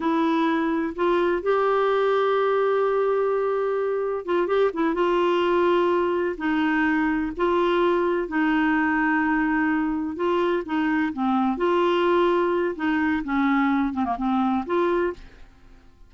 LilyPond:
\new Staff \with { instrumentName = "clarinet" } { \time 4/4 \tempo 4 = 127 e'2 f'4 g'4~ | g'1~ | g'4 f'8 g'8 e'8 f'4.~ | f'4. dis'2 f'8~ |
f'4. dis'2~ dis'8~ | dis'4. f'4 dis'4 c'8~ | c'8 f'2~ f'8 dis'4 | cis'4. c'16 ais16 c'4 f'4 | }